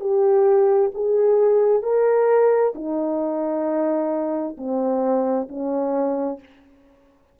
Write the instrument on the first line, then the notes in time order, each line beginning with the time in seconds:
horn
0.00 G4
0.94 G#4
1.82 A#4
2.75 D#4
4.57 C4
5.48 C#4